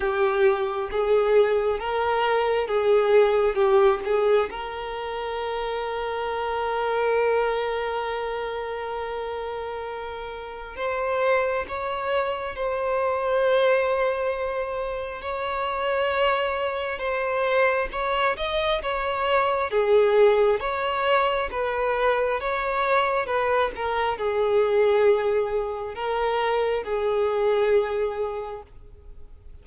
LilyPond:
\new Staff \with { instrumentName = "violin" } { \time 4/4 \tempo 4 = 67 g'4 gis'4 ais'4 gis'4 | g'8 gis'8 ais'2.~ | ais'1 | c''4 cis''4 c''2~ |
c''4 cis''2 c''4 | cis''8 dis''8 cis''4 gis'4 cis''4 | b'4 cis''4 b'8 ais'8 gis'4~ | gis'4 ais'4 gis'2 | }